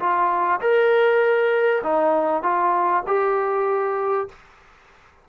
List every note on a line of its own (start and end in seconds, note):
0.00 0.61 F4
0.61 1.83 A#4
1.84 2.43 D#4
2.43 3.04 F4
3.07 4.29 G4